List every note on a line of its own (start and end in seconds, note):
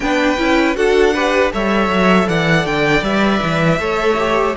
0.00 0.36 B3
0.00 0.37 D4
0.00 0.76 B4
0.00 0.76 G5
0.37 0.76 C#4
0.37 0.75 E4
0.75 1.52 D4
0.75 1.13 F#4
0.75 1.14 A4
0.75 1.52 F#5
1.14 1.52 G4
1.14 1.52 B4
1.52 1.87 G3
1.52 3.04 A4
1.52 2.27 C#5
1.52 2.28 E5
1.87 2.25 F#3
2.27 2.65 E3
2.27 3.79 D5
2.27 2.66 F#5
2.65 3.01 D3
2.65 3.03 G5
3.01 3.39 G3
3.01 3.78 B4
3.01 4.55 E5
3.42 3.79 E3
3.78 4.55 A3
3.78 4.16 A4
3.78 4.56 C#5
4.18 4.56 G4